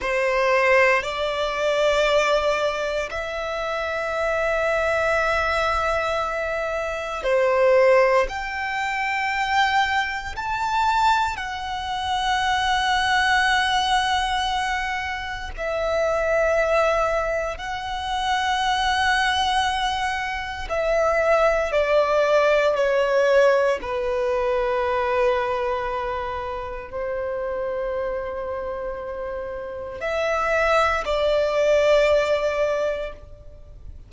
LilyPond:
\new Staff \with { instrumentName = "violin" } { \time 4/4 \tempo 4 = 58 c''4 d''2 e''4~ | e''2. c''4 | g''2 a''4 fis''4~ | fis''2. e''4~ |
e''4 fis''2. | e''4 d''4 cis''4 b'4~ | b'2 c''2~ | c''4 e''4 d''2 | }